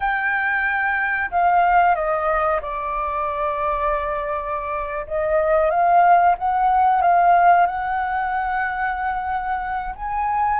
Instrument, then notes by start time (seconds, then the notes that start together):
flute
0.00 G5
1.30 F5
1.95 D#5
2.61 D5
5.06 D#5
5.70 F5
6.37 F#5
7.01 F5
7.66 F#5
9.95 G#5